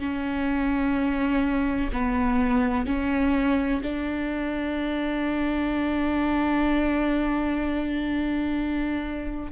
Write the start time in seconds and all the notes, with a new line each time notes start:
0.00 C#4
1.93 B3
2.87 C#4
3.83 D4